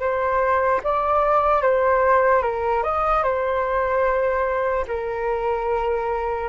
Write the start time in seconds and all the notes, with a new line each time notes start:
0.00 C5
0.84 D5
1.62 C5
2.43 A#4
2.83 D#5
3.23 C5
4.88 A#4